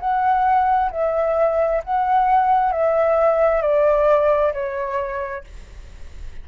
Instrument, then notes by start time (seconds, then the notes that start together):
flute
0.00 F#5
0.91 E5
1.84 F#5
2.72 E5
3.62 D5
4.53 C#5